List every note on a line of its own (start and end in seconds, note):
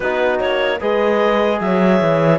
0.00 0.40 B3
0.00 0.80 D#4
0.00 0.78 F#4
0.00 0.39 B4
0.39 0.80 A#3
0.39 0.79 C#5
0.80 1.60 G#3
0.80 2.39 G#4
0.80 1.60 B4
0.80 1.60 D#5
1.60 2.00 F#3
1.60 2.39 C#5
1.60 2.39 E5
2.01 2.39 E3